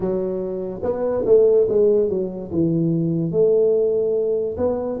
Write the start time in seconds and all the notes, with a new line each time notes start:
0.00 F#3
0.82 B3
1.25 A3
1.69 G#3
2.09 F#3
2.51 E3
3.31 A3
4.57 B3